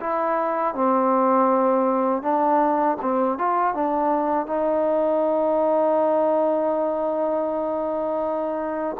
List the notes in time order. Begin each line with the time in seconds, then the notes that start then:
0.00 E4
0.74 C4
2.22 D4
3.01 C4
3.38 F4
3.74 D4
4.46 D#4